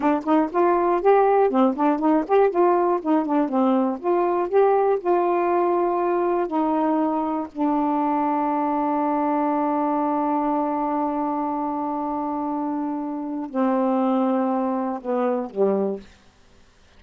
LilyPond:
\new Staff \with { instrumentName = "saxophone" } { \time 4/4 \tempo 4 = 120 d'8 dis'8 f'4 g'4 c'8 d'8 | dis'8 g'8 f'4 dis'8 d'8 c'4 | f'4 g'4 f'2~ | f'4 dis'2 d'4~ |
d'1~ | d'1~ | d'2. c'4~ | c'2 b4 g4 | }